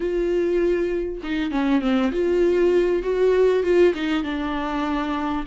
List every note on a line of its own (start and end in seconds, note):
0.00 1.21 F4
1.23 1.51 D#4
1.51 1.81 C#4
1.81 2.11 C4
2.12 3.02 F4
3.02 3.63 F#4
3.63 3.93 F4
3.94 4.23 D#4
4.23 5.44 D4